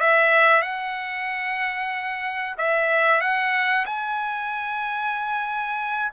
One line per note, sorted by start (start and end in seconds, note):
0.00 0.62 E5
0.62 2.55 F#5
2.58 3.21 E5
3.21 3.85 F#5
3.86 6.12 G#5